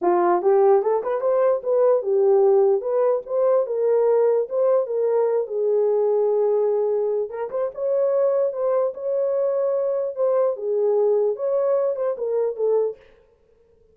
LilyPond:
\new Staff \with { instrumentName = "horn" } { \time 4/4 \tempo 4 = 148 f'4 g'4 a'8 b'8 c''4 | b'4 g'2 b'4 | c''4 ais'2 c''4 | ais'4. gis'2~ gis'8~ |
gis'2 ais'8 c''8 cis''4~ | cis''4 c''4 cis''2~ | cis''4 c''4 gis'2 | cis''4. c''8 ais'4 a'4 | }